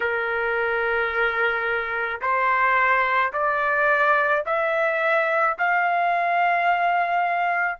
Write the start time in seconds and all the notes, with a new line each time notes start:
0.00 A#4
2.21 C5
3.32 D5
4.45 E5
5.58 F5